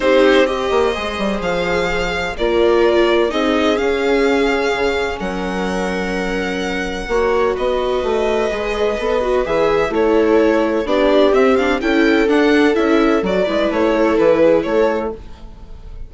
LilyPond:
<<
  \new Staff \with { instrumentName = "violin" } { \time 4/4 \tempo 4 = 127 c''4 dis''2 f''4~ | f''4 d''2 dis''4 | f''2. fis''4~ | fis''1 |
dis''1 | e''4 cis''2 d''4 | e''8 f''8 g''4 fis''4 e''4 | d''4 cis''4 b'4 cis''4 | }
  \new Staff \with { instrumentName = "viola" } { \time 4/4 g'4 c''2.~ | c''4 ais'2 gis'4~ | gis'2. ais'4~ | ais'2. cis''4 |
b'1~ | b'4 a'2 g'4~ | g'4 a'2.~ | a'8 b'4 a'4 gis'8 a'4 | }
  \new Staff \with { instrumentName = "viola" } { \time 4/4 dis'4 g'4 gis'2~ | gis'4 f'2 dis'4 | cis'1~ | cis'2. fis'4~ |
fis'2 gis'4 a'8 fis'8 | gis'4 e'2 d'4 | c'8 d'8 e'4 d'4 e'4 | fis'8 e'2.~ e'8 | }
  \new Staff \with { instrumentName = "bassoon" } { \time 4/4 c'4. ais8 gis8 g8 f4~ | f4 ais2 c'4 | cis'2 cis4 fis4~ | fis2. ais4 |
b4 a4 gis4 b4 | e4 a2 b4 | c'4 cis'4 d'4 cis'4 | fis8 gis8 a4 e4 a4 | }
>>